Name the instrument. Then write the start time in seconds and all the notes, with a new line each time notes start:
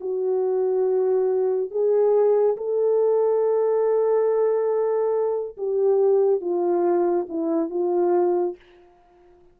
horn
0.00 F#4
1.71 G#4
2.57 A4
5.57 G4
6.41 F4
7.29 E4
7.70 F4